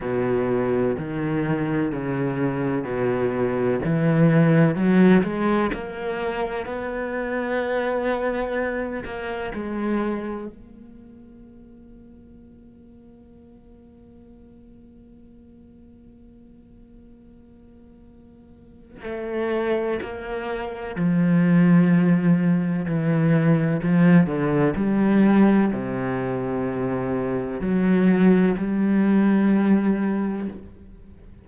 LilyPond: \new Staff \with { instrumentName = "cello" } { \time 4/4 \tempo 4 = 63 b,4 dis4 cis4 b,4 | e4 fis8 gis8 ais4 b4~ | b4. ais8 gis4 ais4~ | ais1~ |
ais1 | a4 ais4 f2 | e4 f8 d8 g4 c4~ | c4 fis4 g2 | }